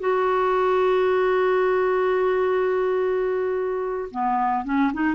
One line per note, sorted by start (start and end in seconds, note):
0.00 4.09 F#4
4.11 4.65 B3
4.65 4.92 C#4
4.94 5.15 D#4